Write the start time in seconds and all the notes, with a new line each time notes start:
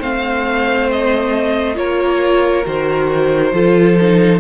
0.00 A3 C4 C5 F5
0.92 D#5
1.76 A#3 F4 A#4 C#5
2.66 D#3 F#4 C5
3.53 F3 F4 A4
4.01 D#4